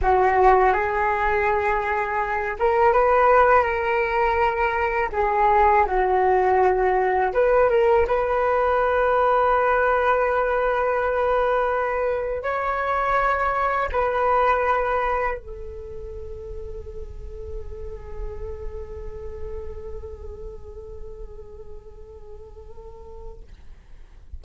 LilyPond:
\new Staff \with { instrumentName = "flute" } { \time 4/4 \tempo 4 = 82 fis'4 gis'2~ gis'8 ais'8 | b'4 ais'2 gis'4 | fis'2 b'8 ais'8 b'4~ | b'1~ |
b'4 cis''2 b'4~ | b'4 a'2.~ | a'1~ | a'1 | }